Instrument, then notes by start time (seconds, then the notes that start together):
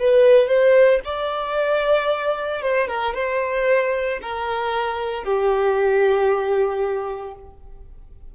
violin
0.00 B4
0.48 C5
1.05 D5
2.62 C5
2.88 A#4
3.14 C5
4.22 A#4
5.24 G4